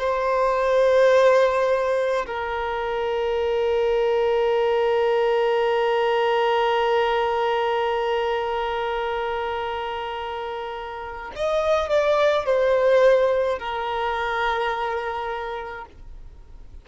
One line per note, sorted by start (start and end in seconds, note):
0.00 2.26 C5
2.27 11.33 A#4
11.36 11.90 D#5
11.90 12.46 D5
12.46 13.59 C5
13.59 15.85 A#4